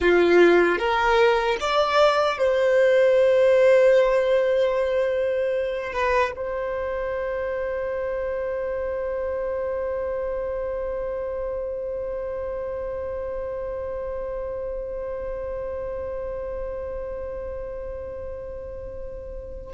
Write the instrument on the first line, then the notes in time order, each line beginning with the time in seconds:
violin
0.00 F4
0.78 A#4
1.60 D5
2.38 C5
5.92 B4
6.36 C5